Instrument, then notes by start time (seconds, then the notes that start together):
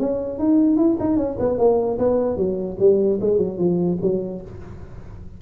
tuba
0.00 C#4
0.39 D#4
0.77 E4
1.00 D#4
1.17 C#4
1.40 B3
1.59 A#3
1.99 B3
2.37 F#3
2.80 G3
3.21 G#3
3.38 F#3
3.59 F3
4.02 F#3